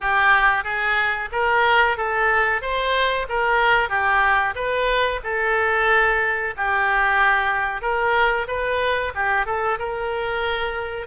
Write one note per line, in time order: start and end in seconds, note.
0.00 0.63 G4
0.63 1.29 G#4
1.32 1.97 A#4
1.97 2.61 A4
2.61 3.26 C5
3.28 3.89 A#4
3.89 4.54 G4
4.55 5.20 B4
5.24 6.54 A4
6.56 7.81 G4
7.81 8.46 A#4
8.47 9.12 B4
9.14 9.46 G4
9.46 9.78 A4
9.78 11.06 A#4